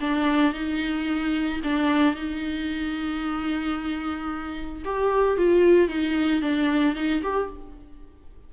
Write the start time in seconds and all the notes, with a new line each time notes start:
0.00 D4
0.53 D#4
1.63 D4
2.15 D#4
4.84 G4
5.37 F4
5.88 D#4
6.41 D4
6.95 D#4
7.22 G4